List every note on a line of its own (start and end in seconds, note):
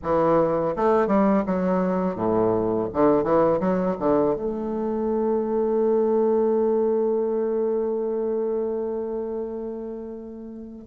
0.02 0.75 E3
0.76 1.07 A3
1.07 1.43 G3
1.46 2.15 F#3
2.15 2.88 A2
2.93 3.23 D3
3.23 3.59 E3
3.59 3.96 F#3
3.99 4.35 D3
4.35 10.86 A3